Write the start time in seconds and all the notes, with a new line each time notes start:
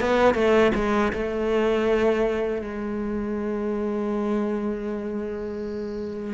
0.00 B3
0.34 A3
0.75 G#3
1.12 A3
2.61 G#3